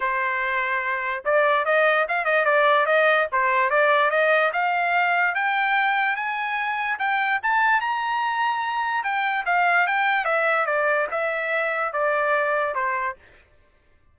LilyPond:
\new Staff \with { instrumentName = "trumpet" } { \time 4/4 \tempo 4 = 146 c''2. d''4 | dis''4 f''8 dis''8 d''4 dis''4 | c''4 d''4 dis''4 f''4~ | f''4 g''2 gis''4~ |
gis''4 g''4 a''4 ais''4~ | ais''2 g''4 f''4 | g''4 e''4 d''4 e''4~ | e''4 d''2 c''4 | }